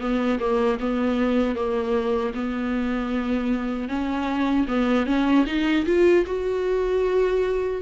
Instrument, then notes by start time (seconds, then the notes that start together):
viola
0.00 B3
0.39 A#3
0.79 B3
1.55 A#3
2.34 B3
3.89 C#4
4.68 B3
5.06 C#4
5.46 D#4
5.85 F4
6.26 F#4